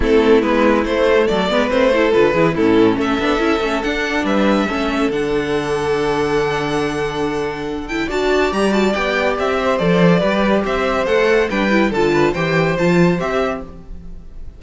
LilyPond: <<
  \new Staff \with { instrumentName = "violin" } { \time 4/4 \tempo 4 = 141 a'4 b'4 c''4 d''4 | c''4 b'4 a'4 e''4~ | e''4 fis''4 e''2 | fis''1~ |
fis''2~ fis''8 g''8 a''4 | ais''8 a''8 g''4 e''4 d''4~ | d''4 e''4 fis''4 g''4 | a''4 g''4 a''4 e''4 | }
  \new Staff \with { instrumentName = "violin" } { \time 4/4 e'2. a'8 b'8~ | b'8 a'4 gis'8 e'4 a'4~ | a'2 b'4 a'4~ | a'1~ |
a'2. d''4~ | d''2~ d''8 c''4. | b'4 c''2 b'4 | a'8 b'8 c''2. | }
  \new Staff \with { instrumentName = "viola" } { \time 4/4 c'4 b4 a4. b8 | c'8 e'8 f'8 e'8 cis'4. d'8 | e'8 cis'8 d'2 cis'4 | d'1~ |
d'2~ d'8 e'8 fis'4 | g'8 fis'8 g'2 a'4 | g'2 a'4 d'8 e'8 | f'4 g'4 f'4 g'4 | }
  \new Staff \with { instrumentName = "cello" } { \time 4/4 a4 gis4 a4 fis8 gis8 | a4 d8 e8 a,4 a8 b8 | cis'8 a8 d'4 g4 a4 | d1~ |
d2. d'4 | g4 b4 c'4 f4 | g4 c'4 a4 g4 | d4 e4 f4 c'4 | }
>>